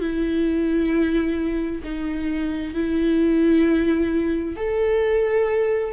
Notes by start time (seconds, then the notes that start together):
0.00 E4
1.83 D#4
2.74 E4
4.56 A4